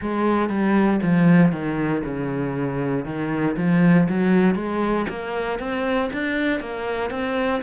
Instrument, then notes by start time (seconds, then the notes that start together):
cello
0.00 G#3
0.49 G3
1.02 F3
1.52 D#3
2.04 C#3
3.05 D#3
3.56 F3
4.09 F#3
4.55 G#3
5.08 A#3
5.59 C4
6.12 D4
6.60 A#3
7.10 C4